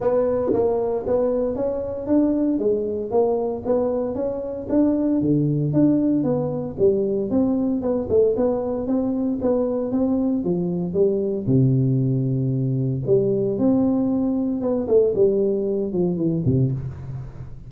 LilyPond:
\new Staff \with { instrumentName = "tuba" } { \time 4/4 \tempo 4 = 115 b4 ais4 b4 cis'4 | d'4 gis4 ais4 b4 | cis'4 d'4 d4 d'4 | b4 g4 c'4 b8 a8 |
b4 c'4 b4 c'4 | f4 g4 c2~ | c4 g4 c'2 | b8 a8 g4. f8 e8 c8 | }